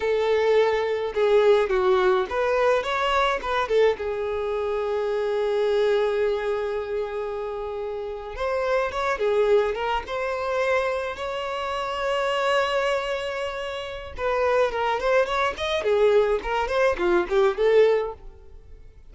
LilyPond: \new Staff \with { instrumentName = "violin" } { \time 4/4 \tempo 4 = 106 a'2 gis'4 fis'4 | b'4 cis''4 b'8 a'8 gis'4~ | gis'1~ | gis'2~ gis'8. c''4 cis''16~ |
cis''16 gis'4 ais'8 c''2 cis''16~ | cis''1~ | cis''4 b'4 ais'8 c''8 cis''8 dis''8 | gis'4 ais'8 c''8 f'8 g'8 a'4 | }